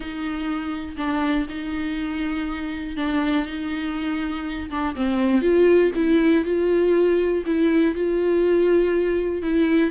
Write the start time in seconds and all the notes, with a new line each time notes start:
0.00 D#4
0.97 D4
1.49 D#4
2.96 D4
3.46 D#4
4.70 D4
4.95 C4
5.41 F4
5.95 E4
6.44 F4
7.46 E4
7.95 F4
9.42 E4